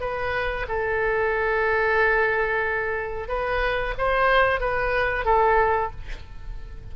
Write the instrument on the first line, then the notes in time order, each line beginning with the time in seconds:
oboe
0.00 B4
0.68 A4
3.28 B4
3.97 C5
4.60 B4
5.25 A4